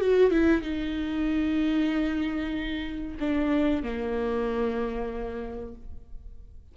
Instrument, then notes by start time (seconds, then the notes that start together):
viola
0.00 F#4
0.31 E4
0.62 D#4
3.19 D4
3.83 A#3